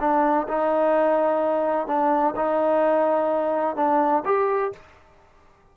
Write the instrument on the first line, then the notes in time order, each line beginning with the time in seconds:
trombone
0.00 D4
0.48 D#4
1.87 D4
2.36 D#4
3.76 D4
4.25 G4